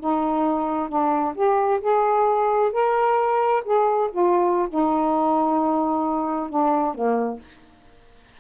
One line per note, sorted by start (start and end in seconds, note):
0.00 0.89 D#4
0.89 1.35 D4
1.35 1.80 G4
1.81 2.72 G#4
2.72 3.63 A#4
3.65 4.10 G#4
4.12 4.69 F4
4.69 6.50 D#4
6.50 6.95 D4
6.95 7.40 A#3